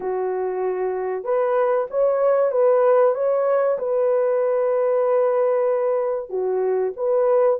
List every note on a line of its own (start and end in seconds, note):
0.00 1.23 F#4
1.23 1.87 B4
1.90 2.51 C#5
2.51 3.14 B4
3.14 3.78 C#5
3.78 6.29 B4
6.29 6.92 F#4
6.96 7.59 B4